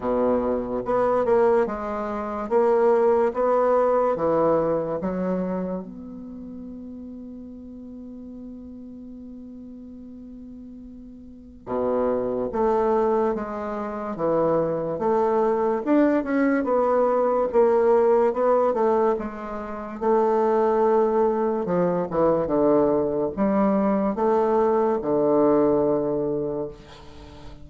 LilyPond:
\new Staff \with { instrumentName = "bassoon" } { \time 4/4 \tempo 4 = 72 b,4 b8 ais8 gis4 ais4 | b4 e4 fis4 b4~ | b1~ | b2 b,4 a4 |
gis4 e4 a4 d'8 cis'8 | b4 ais4 b8 a8 gis4 | a2 f8 e8 d4 | g4 a4 d2 | }